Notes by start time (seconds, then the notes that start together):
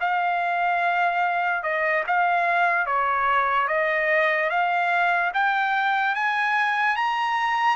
0.00 F5
1.63 D#5
2.07 F5
2.86 C#5
3.68 D#5
4.50 F5
5.34 G5
6.15 G#5
6.96 A#5